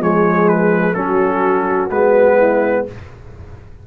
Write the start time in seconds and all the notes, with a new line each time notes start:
0.00 F3 G#3 G#4 C#5
0.49 B4
0.94 F#3 C#4 F#4 A4
1.91 G#3 B3 B4
2.38 E4